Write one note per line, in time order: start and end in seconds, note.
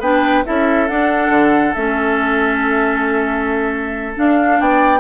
0.00 0.43 B3
0.00 0.45 D4
0.00 0.44 B4
0.00 0.46 G5
0.45 0.90 C#4
0.45 0.89 E4
0.45 4.60 A4
0.45 0.88 E5
0.88 1.30 D4
0.88 1.76 D4
0.88 1.74 F#5
1.30 1.73 D3
1.74 4.16 A3
1.74 4.15 C#4
1.74 4.13 E5
4.16 5.00 D4
4.16 4.60 D4
4.16 4.61 F5
4.60 5.00 B3
4.60 5.00 D5
4.60 5.00 G5